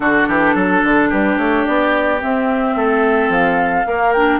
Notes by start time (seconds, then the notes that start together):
0.00 D3 D4 F#4 A4
0.27 E3 G4
0.54 F#3 A4
0.83 D3
1.09 G3 G4 B4
1.37 A3 C#5
1.64 B3 D5
2.20 C4 E5
2.75 A3 A4
3.28 F3 F5
3.85 A#3 A#4
4.12 D4 G5